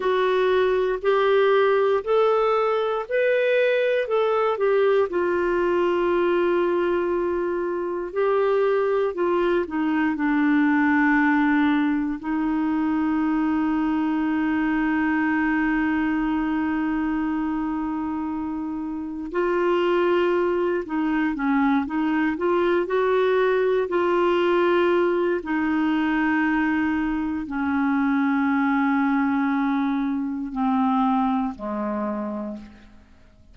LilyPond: \new Staff \with { instrumentName = "clarinet" } { \time 4/4 \tempo 4 = 59 fis'4 g'4 a'4 b'4 | a'8 g'8 f'2. | g'4 f'8 dis'8 d'2 | dis'1~ |
dis'2. f'4~ | f'8 dis'8 cis'8 dis'8 f'8 fis'4 f'8~ | f'4 dis'2 cis'4~ | cis'2 c'4 gis4 | }